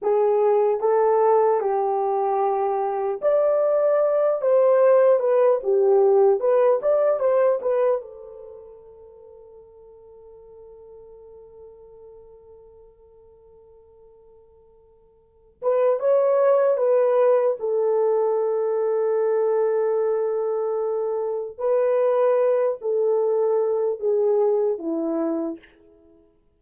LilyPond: \new Staff \with { instrumentName = "horn" } { \time 4/4 \tempo 4 = 75 gis'4 a'4 g'2 | d''4. c''4 b'8 g'4 | b'8 d''8 c''8 b'8 a'2~ | a'1~ |
a'2.~ a'8 b'8 | cis''4 b'4 a'2~ | a'2. b'4~ | b'8 a'4. gis'4 e'4 | }